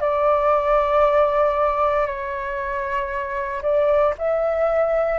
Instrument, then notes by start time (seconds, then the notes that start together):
flute
0.00 D5
2.06 C#5
3.62 D5
4.18 E5